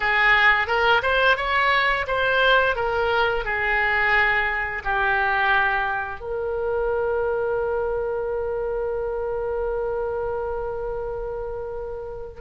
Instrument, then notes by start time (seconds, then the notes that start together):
oboe
0.00 G#4
0.67 A#4
1.02 C5
1.36 C#5
2.07 C5
2.75 A#4
3.45 G#4
4.84 G4
6.20 A#4